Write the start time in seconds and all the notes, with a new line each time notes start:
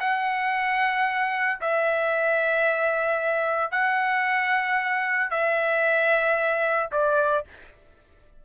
0.00 F#5
1.60 E5
3.71 F#5
5.30 E5
6.92 D5